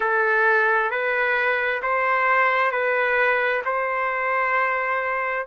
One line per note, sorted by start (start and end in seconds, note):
0.00 0.90 A4
0.90 1.81 B4
1.82 2.71 C5
2.71 3.62 B4
3.65 5.46 C5